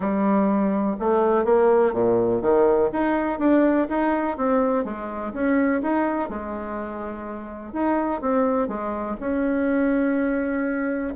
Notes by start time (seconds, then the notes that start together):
0.00 G3
0.99 A3
1.45 A#3
1.93 A#2
2.41 D#3
2.92 D#4
3.39 D4
3.89 D#4
4.37 C4
4.84 G#3
5.33 C#4
5.82 D#4
6.29 G#3
7.72 D#4
8.21 C4
8.68 G#3
9.20 C#4